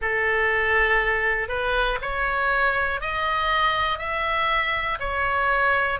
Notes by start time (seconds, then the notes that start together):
0.01 A4
1.48 B4
2.01 C#5
3.00 D#5
3.98 E5
4.99 C#5